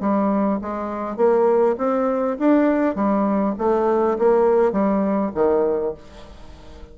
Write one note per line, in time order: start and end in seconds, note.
0.00 0.59 G3
0.61 1.16 G#3
1.16 1.76 A#3
1.77 2.37 C4
2.38 2.95 D4
2.95 3.55 G3
3.58 4.17 A3
4.19 4.72 A#3
4.72 5.31 G3
5.34 5.94 D#3